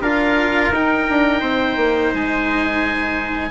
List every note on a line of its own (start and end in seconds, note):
0.00 0.70 D4
0.00 0.73 F4
0.00 1.40 A#4
0.00 0.72 F5
0.71 1.06 D#4
0.71 3.50 D#4
0.71 2.13 G5
1.09 1.41 D4
1.40 1.76 C4
1.40 3.49 C5
1.76 2.11 A#3
2.14 3.50 G#3
2.14 3.50 G#5